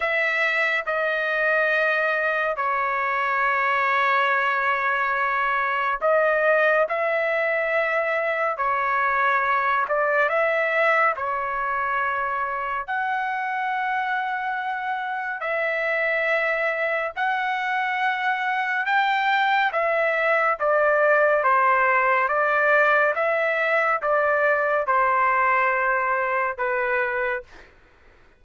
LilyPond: \new Staff \with { instrumentName = "trumpet" } { \time 4/4 \tempo 4 = 70 e''4 dis''2 cis''4~ | cis''2. dis''4 | e''2 cis''4. d''8 | e''4 cis''2 fis''4~ |
fis''2 e''2 | fis''2 g''4 e''4 | d''4 c''4 d''4 e''4 | d''4 c''2 b'4 | }